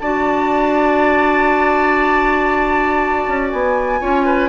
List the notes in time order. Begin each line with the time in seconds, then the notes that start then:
0.00 D4 F#4 D5 A5
3.27 C#4
3.50 B3 G#5
4.01 C#4 F4 C#5
4.26 B4